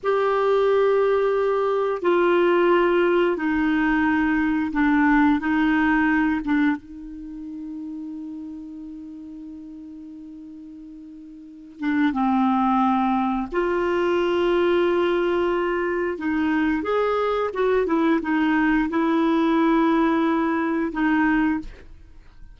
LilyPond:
\new Staff \with { instrumentName = "clarinet" } { \time 4/4 \tempo 4 = 89 g'2. f'4~ | f'4 dis'2 d'4 | dis'4. d'8 dis'2~ | dis'1~ |
dis'4. d'8 c'2 | f'1 | dis'4 gis'4 fis'8 e'8 dis'4 | e'2. dis'4 | }